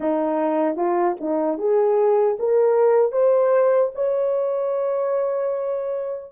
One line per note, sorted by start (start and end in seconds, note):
0.00 0.76 D#4
0.76 1.15 F4
1.20 1.58 D#4
1.58 2.37 G#4
2.39 3.12 A#4
3.12 3.91 C5
3.94 6.31 C#5